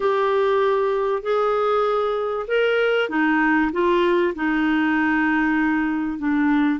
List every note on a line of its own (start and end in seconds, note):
0.00 1.22 G4
1.22 2.46 G#4
2.47 3.09 A#4
3.09 3.71 D#4
3.72 4.34 F4
4.35 6.18 D#4
6.18 6.79 D4